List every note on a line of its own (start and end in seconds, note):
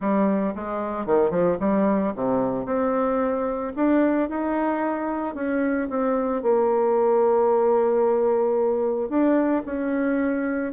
0.00 0.54 G3
0.55 1.06 G#3
1.06 1.30 D#3
1.30 1.57 F3
1.59 2.13 G3
2.15 2.65 C3
2.65 3.72 C4
3.75 4.29 D4
4.29 5.34 D#4
5.34 5.88 C#4
5.89 6.42 C4
6.42 9.09 A#3
9.09 9.62 D4
9.65 10.72 C#4